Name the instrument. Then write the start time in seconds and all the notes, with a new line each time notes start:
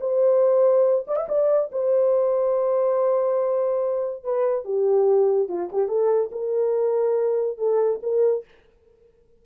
horn
0.00 C5
1.07 D5
1.16 E5
1.28 D5
1.71 C5
4.23 B4
4.64 G4
5.48 F4
5.72 G4
5.88 A4
6.31 A#4
7.57 A4
8.02 A#4